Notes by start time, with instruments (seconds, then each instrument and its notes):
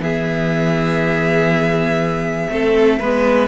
0.00 cello E3, viola B3, violin G#4 E5
2.50 cello A3, viola C4, violin A4
3.00 cello G#3, viola B3, violin B4